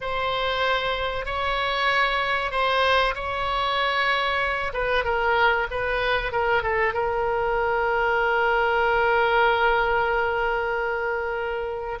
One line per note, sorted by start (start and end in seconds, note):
0.01 1.25 C5
1.25 2.51 C#5
2.51 3.14 C5
3.14 4.72 C#5
4.73 5.04 B4
5.04 5.67 A#4
5.70 6.32 B4
6.32 6.62 A#4
6.62 6.93 A4
6.93 11.98 A#4